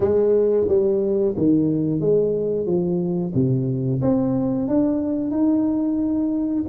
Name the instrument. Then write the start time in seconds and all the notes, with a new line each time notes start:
tuba
0.00 G#3
0.68 G3
1.37 D#3
2.00 G#3
2.65 F3
3.34 C3
4.01 C4
4.68 D4
5.30 D#4